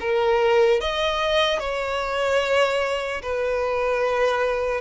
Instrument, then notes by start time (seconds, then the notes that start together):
violin
0.00 A#4
0.80 D#5
1.59 C#5
3.22 B4